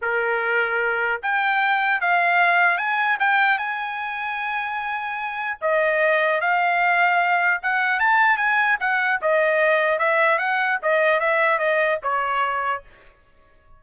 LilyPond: \new Staff \with { instrumentName = "trumpet" } { \time 4/4 \tempo 4 = 150 ais'2. g''4~ | g''4 f''2 gis''4 | g''4 gis''2.~ | gis''2 dis''2 |
f''2. fis''4 | a''4 gis''4 fis''4 dis''4~ | dis''4 e''4 fis''4 dis''4 | e''4 dis''4 cis''2 | }